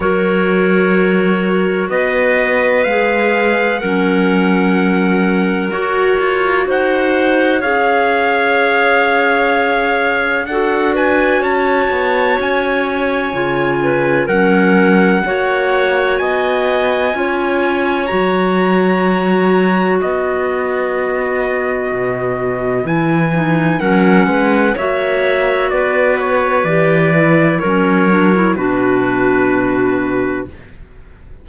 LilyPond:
<<
  \new Staff \with { instrumentName = "trumpet" } { \time 4/4 \tempo 4 = 63 cis''2 dis''4 f''4 | fis''2 cis''4 fis''4 | f''2. fis''8 gis''8 | a''4 gis''2 fis''4~ |
fis''4 gis''2 ais''4~ | ais''4 dis''2. | gis''4 fis''4 e''4 d''8 cis''8 | d''4 cis''4 b'2 | }
  \new Staff \with { instrumentName = "clarinet" } { \time 4/4 ais'2 b'2 | ais'2. c''4 | cis''2. a'8 b'8 | cis''2~ cis''8 b'8 ais'4 |
cis''4 dis''4 cis''2~ | cis''4 b'2.~ | b'4 ais'8 b'8 cis''4 b'4~ | b'4 ais'4 fis'2 | }
  \new Staff \with { instrumentName = "clarinet" } { \time 4/4 fis'2. gis'4 | cis'2 fis'2 | gis'2. fis'4~ | fis'2 f'4 cis'4 |
fis'2 f'4 fis'4~ | fis'1 | e'8 dis'8 cis'4 fis'2 | g'8 e'8 cis'8 d'16 e'16 d'2 | }
  \new Staff \with { instrumentName = "cello" } { \time 4/4 fis2 b4 gis4 | fis2 fis'8 f'8 dis'4 | cis'2. d'4 | cis'8 b8 cis'4 cis4 fis4 |
ais4 b4 cis'4 fis4~ | fis4 b2 b,4 | e4 fis8 gis8 ais4 b4 | e4 fis4 b,2 | }
>>